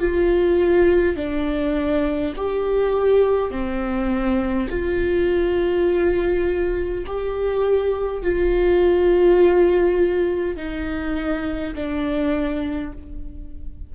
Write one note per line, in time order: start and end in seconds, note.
0.00 1.17 F4
1.17 2.34 D4
2.37 3.51 G4
3.51 4.69 C4
4.70 7.05 F4
7.07 8.23 G4
8.23 10.57 F4
10.57 11.75 D#4
11.75 12.93 D4